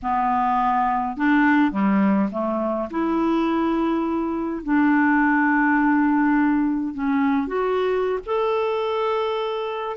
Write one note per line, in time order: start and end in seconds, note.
0.02 1.16 B3
1.16 1.71 D4
1.71 2.29 G3
2.31 2.89 A3
2.90 4.63 E4
4.63 6.94 D4
6.94 7.47 C#4
7.47 8.19 F#4
8.26 9.96 A4